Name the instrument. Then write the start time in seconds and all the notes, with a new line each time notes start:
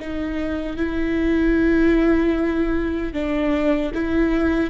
viola
0.00 D#4
0.77 E4
3.14 D4
3.95 E4